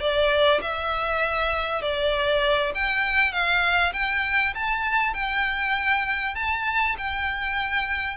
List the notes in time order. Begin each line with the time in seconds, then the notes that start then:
0.00 D5
0.61 E5
1.82 D5
2.74 G5
3.32 F5
3.93 G5
4.55 A5
5.14 G5
6.35 A5
6.98 G5